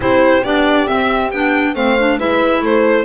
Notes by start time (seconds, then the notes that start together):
0.00 C4 E4 G4 C5
0.43 B3 D4 D5
0.87 C4 E5
1.31 B3 D4 G5
1.74 A3 C4 C5 F5
1.98 D4
2.18 G#3 E4 B4 E5
2.61 A3 A4 C5